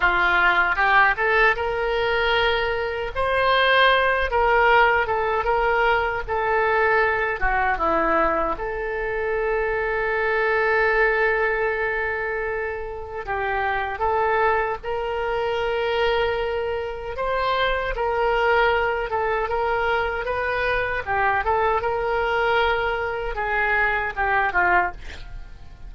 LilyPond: \new Staff \with { instrumentName = "oboe" } { \time 4/4 \tempo 4 = 77 f'4 g'8 a'8 ais'2 | c''4. ais'4 a'8 ais'4 | a'4. fis'8 e'4 a'4~ | a'1~ |
a'4 g'4 a'4 ais'4~ | ais'2 c''4 ais'4~ | ais'8 a'8 ais'4 b'4 g'8 a'8 | ais'2 gis'4 g'8 f'8 | }